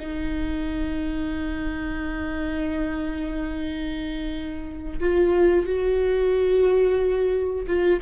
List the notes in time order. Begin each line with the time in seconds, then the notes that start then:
0.00 D#4
5.00 F4
5.67 F#4
7.67 F4